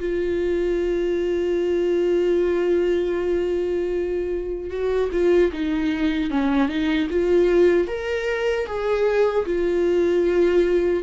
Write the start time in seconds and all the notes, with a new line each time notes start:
0.00 F4
4.71 F#4
5.12 F4
5.53 D#4
6.31 C#4
6.69 D#4
7.10 F4
7.88 A#4
8.67 G#4
9.46 F4